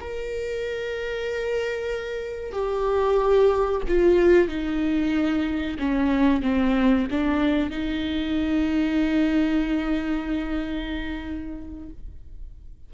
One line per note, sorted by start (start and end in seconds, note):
0.00 2.52 A#4
2.52 3.81 G4
3.88 4.48 F4
4.48 5.77 D#4
5.79 6.42 C#4
6.42 7.06 C4
7.10 7.69 D4
7.69 11.89 D#4